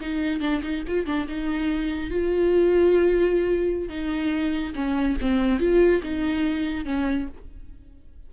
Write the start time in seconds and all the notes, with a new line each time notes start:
0.00 D#4
0.40 D4
0.62 D#4
0.87 F4
1.06 D4
1.28 D#4
2.10 F4
3.89 D#4
4.74 C#4
5.20 C4
5.59 F4
6.02 D#4
6.85 C#4